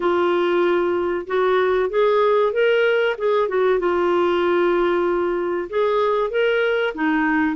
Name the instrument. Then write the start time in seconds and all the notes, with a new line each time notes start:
clarinet
0.00 F4
1.26 F#4
1.89 G#4
2.53 A#4
3.18 G#4
3.48 F#4
3.79 F4
5.69 G#4
6.30 A#4
6.94 D#4